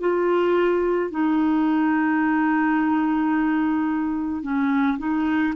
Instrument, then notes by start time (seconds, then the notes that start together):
clarinet
0.00 F4
1.11 D#4
4.42 C#4
4.98 D#4